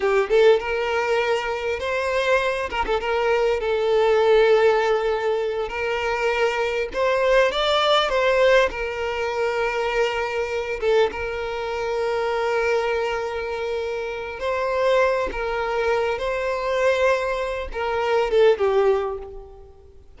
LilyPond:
\new Staff \with { instrumentName = "violin" } { \time 4/4 \tempo 4 = 100 g'8 a'8 ais'2 c''4~ | c''8 ais'16 a'16 ais'4 a'2~ | a'4. ais'2 c''8~ | c''8 d''4 c''4 ais'4.~ |
ais'2 a'8 ais'4.~ | ais'1 | c''4. ais'4. c''4~ | c''4. ais'4 a'8 g'4 | }